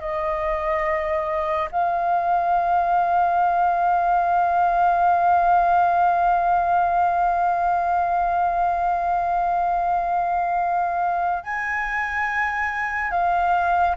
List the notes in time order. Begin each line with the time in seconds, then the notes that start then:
0.00 D#5
1.72 F5
11.44 G#5
13.11 F5